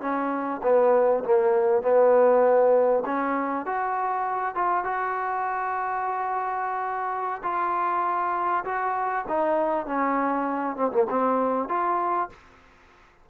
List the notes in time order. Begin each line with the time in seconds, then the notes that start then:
0.00 C#4
0.63 B3
1.24 A#3
1.82 B3
3.05 C#4
3.65 F#4
4.55 F4
4.84 F#4
7.43 F4
8.64 F#4
9.28 D#4
9.86 C#4
10.76 C4
10.91 A#3
11.09 C4
11.68 F4